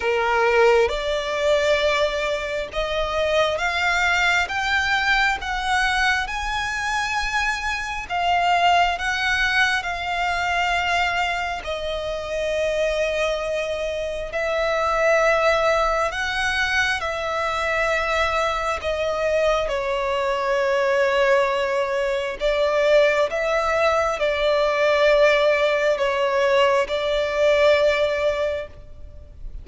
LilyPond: \new Staff \with { instrumentName = "violin" } { \time 4/4 \tempo 4 = 67 ais'4 d''2 dis''4 | f''4 g''4 fis''4 gis''4~ | gis''4 f''4 fis''4 f''4~ | f''4 dis''2. |
e''2 fis''4 e''4~ | e''4 dis''4 cis''2~ | cis''4 d''4 e''4 d''4~ | d''4 cis''4 d''2 | }